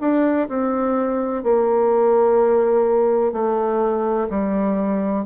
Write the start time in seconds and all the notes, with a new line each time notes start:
0.00 D4
0.48 C4
1.43 A#3
3.32 A3
4.29 G3